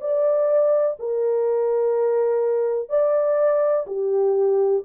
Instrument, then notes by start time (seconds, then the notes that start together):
horn
0.00 D5
0.99 A#4
2.89 D5
3.87 G4